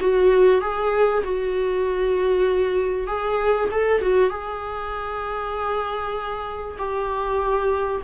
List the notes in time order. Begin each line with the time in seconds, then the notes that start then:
0.00 F#4
0.61 G#4
1.24 F#4
3.07 G#4
3.71 A4
4.01 F#4
4.30 G#4
6.78 G4